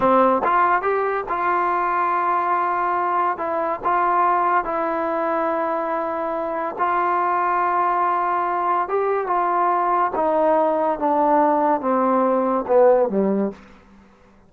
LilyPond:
\new Staff \with { instrumentName = "trombone" } { \time 4/4 \tempo 4 = 142 c'4 f'4 g'4 f'4~ | f'1 | e'4 f'2 e'4~ | e'1 |
f'1~ | f'4 g'4 f'2 | dis'2 d'2 | c'2 b4 g4 | }